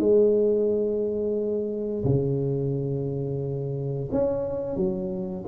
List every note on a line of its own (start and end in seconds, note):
0.00 2.05 G#3
2.05 4.09 C#3
4.12 4.77 C#4
4.77 5.45 F#3